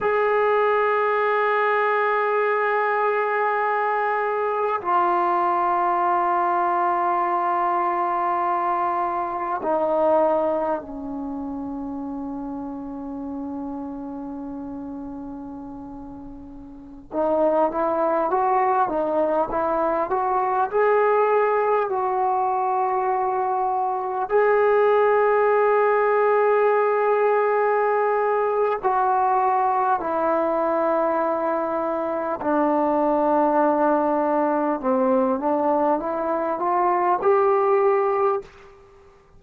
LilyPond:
\new Staff \with { instrumentName = "trombone" } { \time 4/4 \tempo 4 = 50 gis'1 | f'1 | dis'4 cis'2.~ | cis'2~ cis'16 dis'8 e'8 fis'8 dis'16~ |
dis'16 e'8 fis'8 gis'4 fis'4.~ fis'16~ | fis'16 gis'2.~ gis'8. | fis'4 e'2 d'4~ | d'4 c'8 d'8 e'8 f'8 g'4 | }